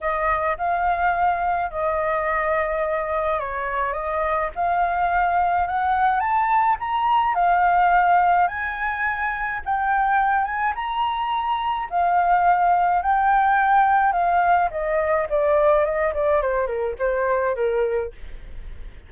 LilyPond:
\new Staff \with { instrumentName = "flute" } { \time 4/4 \tempo 4 = 106 dis''4 f''2 dis''4~ | dis''2 cis''4 dis''4 | f''2 fis''4 a''4 | ais''4 f''2 gis''4~ |
gis''4 g''4. gis''8 ais''4~ | ais''4 f''2 g''4~ | g''4 f''4 dis''4 d''4 | dis''8 d''8 c''8 ais'8 c''4 ais'4 | }